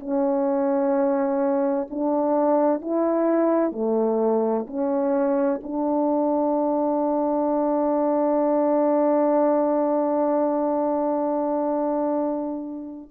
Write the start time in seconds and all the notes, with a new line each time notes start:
0.00 C#4
1.90 D4
2.81 E4
3.72 A3
4.67 C#4
5.63 D4